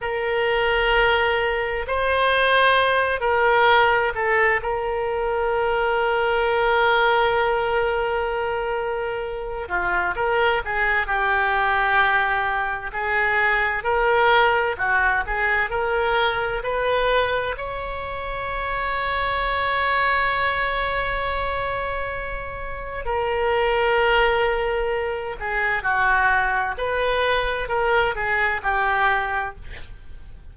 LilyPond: \new Staff \with { instrumentName = "oboe" } { \time 4/4 \tempo 4 = 65 ais'2 c''4. ais'8~ | ais'8 a'8 ais'2.~ | ais'2~ ais'8 f'8 ais'8 gis'8 | g'2 gis'4 ais'4 |
fis'8 gis'8 ais'4 b'4 cis''4~ | cis''1~ | cis''4 ais'2~ ais'8 gis'8 | fis'4 b'4 ais'8 gis'8 g'4 | }